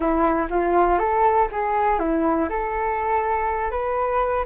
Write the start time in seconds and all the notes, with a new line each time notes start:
0.00 E4
0.50 F4
0.98 A4
1.51 G#4
1.99 E4
2.49 A4
3.71 B4